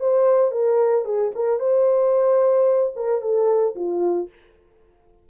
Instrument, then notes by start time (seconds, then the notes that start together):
horn
0.00 C5
0.52 A#4
1.05 G#4
1.35 A#4
1.60 C5
2.96 A#4
3.22 A4
3.76 F4